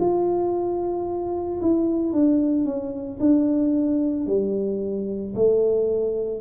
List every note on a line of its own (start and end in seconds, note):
0.00 1.61 F4
1.62 2.13 E4
2.13 2.65 D4
2.65 3.19 C#4
3.20 4.27 D4
4.27 5.34 G3
5.35 6.41 A3